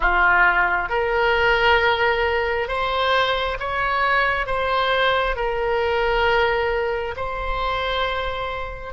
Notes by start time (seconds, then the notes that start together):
0.00 F4
0.89 A#4
2.68 C5
3.59 C#5
4.46 C5
5.35 A#4
7.16 C5